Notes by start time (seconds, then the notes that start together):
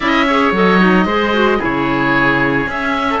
0.00 C#4 E4 D#5 E5
0.26 G#4 C#5
0.52 F#3 A4 D#5
0.80 D#4
1.05 G#3 G#4 C5
1.33 F#4
1.58 C#3 E4 G#4 C#5
2.67 C#4 E5
3.09 A4